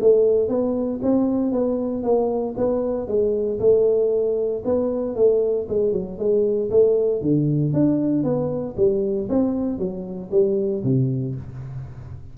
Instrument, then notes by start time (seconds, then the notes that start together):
tuba
0.00 A3
0.48 B3
1.02 C4
1.52 B3
2.03 A#3
2.57 B3
3.08 G#3
3.59 A3
4.65 B3
5.15 A3
5.68 G#3
5.92 F#3
6.18 G#3
6.70 A3
7.21 D3
7.73 D4
8.23 B3
8.76 G3
9.29 C4
9.78 F#3
10.31 G3
10.83 C3